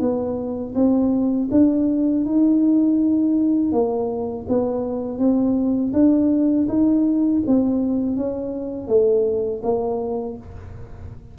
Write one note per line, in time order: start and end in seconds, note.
0.00 0.74 B3
0.75 1.49 C4
1.51 2.25 D4
2.25 3.72 D#4
3.72 4.46 A#3
4.48 5.18 B3
5.18 5.93 C4
5.93 6.67 D4
6.68 7.42 D#4
7.47 8.16 C4
8.16 8.88 C#4
8.88 9.62 A3
9.63 10.37 A#3